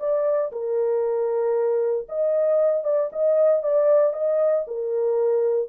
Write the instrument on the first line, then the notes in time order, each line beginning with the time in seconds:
horn
0.00 D5
0.52 A#4
2.09 D#5
2.84 D5
3.13 D#5
3.63 D5
4.14 D#5
4.68 A#4